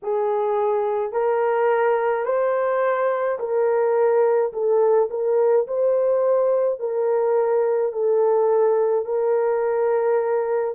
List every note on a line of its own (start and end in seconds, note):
0.02 1.12 G#4
1.12 2.25 A#4
2.25 3.38 C5
3.39 4.52 A#4
4.52 5.09 A4
5.09 5.66 A#4
5.67 6.79 C5
6.79 7.92 A#4
7.92 9.05 A4
9.05 10.74 A#4